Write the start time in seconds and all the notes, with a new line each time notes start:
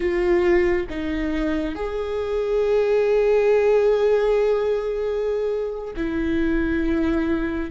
0.00 F4
0.89 D#4
1.74 G#4
5.96 E4